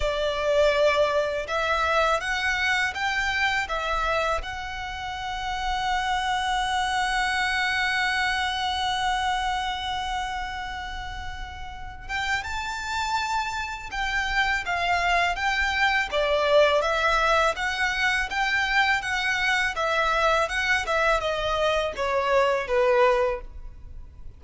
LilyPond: \new Staff \with { instrumentName = "violin" } { \time 4/4 \tempo 4 = 82 d''2 e''4 fis''4 | g''4 e''4 fis''2~ | fis''1~ | fis''1~ |
fis''8 g''8 a''2 g''4 | f''4 g''4 d''4 e''4 | fis''4 g''4 fis''4 e''4 | fis''8 e''8 dis''4 cis''4 b'4 | }